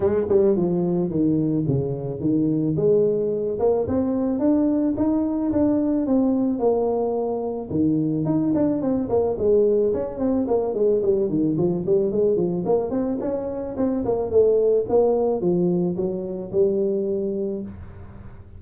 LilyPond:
\new Staff \with { instrumentName = "tuba" } { \time 4/4 \tempo 4 = 109 gis8 g8 f4 dis4 cis4 | dis4 gis4. ais8 c'4 | d'4 dis'4 d'4 c'4 | ais2 dis4 dis'8 d'8 |
c'8 ais8 gis4 cis'8 c'8 ais8 gis8 | g8 dis8 f8 g8 gis8 f8 ais8 c'8 | cis'4 c'8 ais8 a4 ais4 | f4 fis4 g2 | }